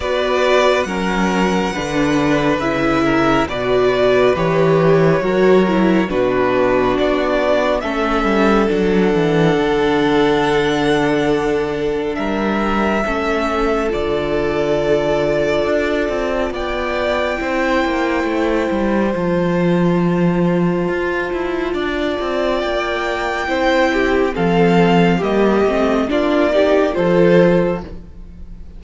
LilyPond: <<
  \new Staff \with { instrumentName = "violin" } { \time 4/4 \tempo 4 = 69 d''4 fis''2 e''4 | d''4 cis''2 b'4 | d''4 e''4 fis''2~ | fis''2 e''2 |
d''2. g''4~ | g''2 a''2~ | a''2 g''2 | f''4 dis''4 d''4 c''4 | }
  \new Staff \with { instrumentName = "violin" } { \time 4/4 b'4 ais'4 b'4. ais'8 | b'2 ais'4 fis'4~ | fis'4 a'2.~ | a'2 ais'4 a'4~ |
a'2. d''4 | c''1~ | c''4 d''2 c''8 g'8 | a'4 g'4 f'8 g'8 a'4 | }
  \new Staff \with { instrumentName = "viola" } { \time 4/4 fis'4 cis'4 d'4 e'4 | fis'4 g'4 fis'8 e'8 d'4~ | d'4 cis'4 d'2~ | d'2. cis'4 |
f'1 | e'2 f'2~ | f'2. e'4 | c'4 ais8 c'8 d'8 dis'8 f'4 | }
  \new Staff \with { instrumentName = "cello" } { \time 4/4 b4 fis4 d4 cis4 | b,4 e4 fis4 b,4 | b4 a8 g8 fis8 e8 d4~ | d2 g4 a4 |
d2 d'8 c'8 b4 | c'8 ais8 a8 g8 f2 | f'8 e'8 d'8 c'8 ais4 c'4 | f4 g8 a8 ais4 f4 | }
>>